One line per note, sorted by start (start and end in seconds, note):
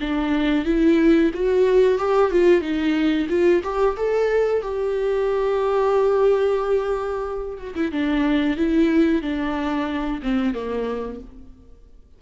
0.00 0.65 D4
0.65 1.31 E4
1.34 1.98 F#4
1.98 2.31 G4
2.31 2.61 F4
2.61 3.27 D#4
3.29 3.62 F4
3.63 3.96 G4
3.97 4.62 A4
4.62 7.58 G4
7.58 7.74 F#4
7.75 7.91 E4
7.91 8.56 D4
8.56 9.22 E4
9.22 10.20 D4
10.22 10.54 C4
10.54 11.20 A#3